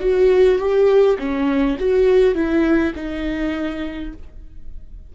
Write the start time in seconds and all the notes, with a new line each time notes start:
0.00 F#4
0.58 G4
1.18 C#4
1.79 F#4
2.34 E4
2.95 D#4